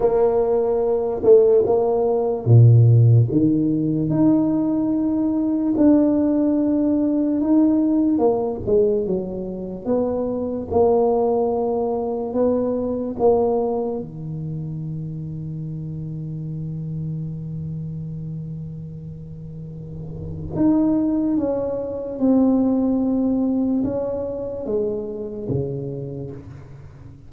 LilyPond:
\new Staff \with { instrumentName = "tuba" } { \time 4/4 \tempo 4 = 73 ais4. a8 ais4 ais,4 | dis4 dis'2 d'4~ | d'4 dis'4 ais8 gis8 fis4 | b4 ais2 b4 |
ais4 dis2.~ | dis1~ | dis4 dis'4 cis'4 c'4~ | c'4 cis'4 gis4 cis4 | }